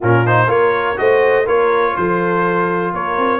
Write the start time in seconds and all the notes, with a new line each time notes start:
0.00 A#2 C#4 F4 A#4
0.26 D#4 C5
0.47 A#3 F4 A#4 C#5
0.96 A3 F#4 C5 D#5
1.45 A#3 F4 A#4 C#5
1.96 F3 A4 C5
2.93 A#3 A#4 C#5
3.17 C4